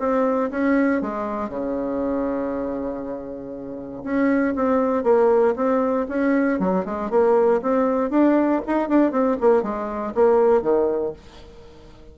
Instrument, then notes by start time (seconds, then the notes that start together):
bassoon
0.00 C4
0.51 C#4
1.02 G#3
1.49 C#3
4.04 C#4
4.56 C4
5.04 A#3
5.56 C4
6.09 C#4
6.60 F#3
6.86 G#3
7.11 A#3
7.62 C4
8.11 D4
8.67 D#4
8.89 D4
9.12 C4
9.41 A#3
9.63 G#3
10.15 A#3
10.62 D#3